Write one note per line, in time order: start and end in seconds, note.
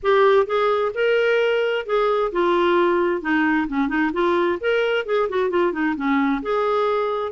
0.02 0.46 G4
0.46 0.92 G#4
0.94 1.85 A#4
1.85 2.31 G#4
2.32 3.21 F4
3.21 3.67 D#4
3.68 3.88 C#4
3.88 4.11 D#4
4.12 4.58 F4
4.60 5.05 A#4
5.05 5.28 G#4
5.29 5.50 F#4
5.50 5.72 F4
5.72 5.95 D#4
5.95 6.41 C#4
6.42 7.32 G#4